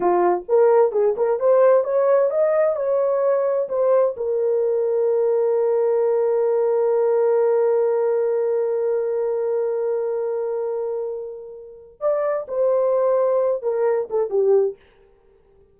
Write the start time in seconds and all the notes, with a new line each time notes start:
0.00 F4
0.48 A#4
0.92 G#4
1.16 A#4
1.39 C5
1.84 C#5
2.30 D#5
2.76 C#5
3.68 C5
4.16 A#4
12.00 D5
12.47 C5
13.62 A#4
14.10 A4
14.30 G4